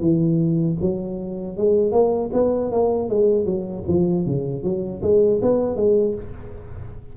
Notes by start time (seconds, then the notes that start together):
0.00 E3
0.81 F#3
1.57 G#3
1.92 A#3
2.33 B3
2.71 A#3
3.09 G#3
3.45 F#3
3.88 F3
4.26 C#3
4.63 F#3
5.02 G#3
5.42 B3
5.76 G#3